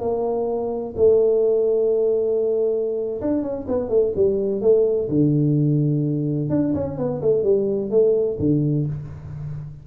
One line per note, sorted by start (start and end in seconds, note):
0.00 0.94 A#3
0.96 3.21 A3
3.21 3.43 D4
3.43 3.66 C#4
3.68 3.89 B3
3.89 4.13 A3
4.16 4.61 G3
4.61 5.09 A3
5.09 6.50 D3
6.50 6.73 D4
6.75 6.98 C#4
6.98 7.21 B3
7.22 7.43 A3
7.43 7.90 G3
7.90 8.38 A3
8.39 8.86 D3